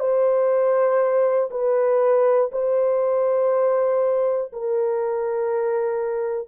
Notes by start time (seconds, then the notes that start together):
0.00 C5
1.51 B4
2.52 C5
4.53 A#4